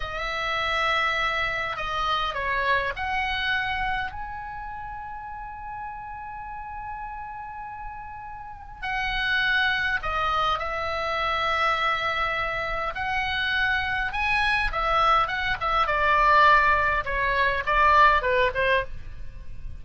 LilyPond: \new Staff \with { instrumentName = "oboe" } { \time 4/4 \tempo 4 = 102 e''2. dis''4 | cis''4 fis''2 gis''4~ | gis''1~ | gis''2. fis''4~ |
fis''4 dis''4 e''2~ | e''2 fis''2 | gis''4 e''4 fis''8 e''8 d''4~ | d''4 cis''4 d''4 b'8 c''8 | }